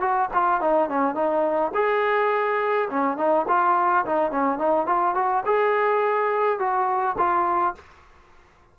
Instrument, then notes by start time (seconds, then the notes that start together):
trombone
0.00 F#4
0.33 F4
0.60 D#4
0.89 C#4
1.14 D#4
1.74 G#4
2.89 C#4
3.17 D#4
3.48 F4
4.05 D#4
4.31 C#4
4.58 D#4
4.86 F4
5.15 F#4
5.45 G#4
6.59 F#4
7.17 F4